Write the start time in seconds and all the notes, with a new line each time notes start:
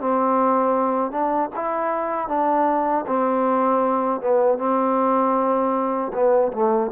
0.00 C4
1.11 D4
1.56 E4
2.28 D4
3.07 C4
4.21 B3
4.58 C4
6.13 B3
6.53 A3